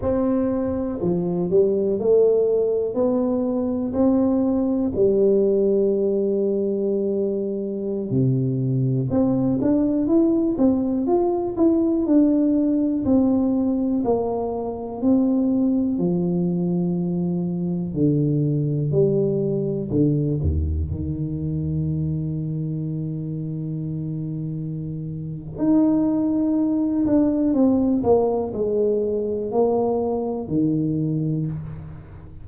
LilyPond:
\new Staff \with { instrumentName = "tuba" } { \time 4/4 \tempo 4 = 61 c'4 f8 g8 a4 b4 | c'4 g2.~ | g16 c4 c'8 d'8 e'8 c'8 f'8 e'16~ | e'16 d'4 c'4 ais4 c'8.~ |
c'16 f2 d4 g8.~ | g16 d8 dis,8 dis2~ dis8.~ | dis2 dis'4. d'8 | c'8 ais8 gis4 ais4 dis4 | }